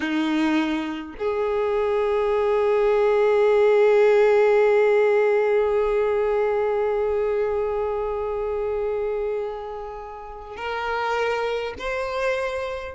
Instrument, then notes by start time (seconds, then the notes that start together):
violin
0.00 D#4
1.18 G#4
10.56 A#4
11.78 C5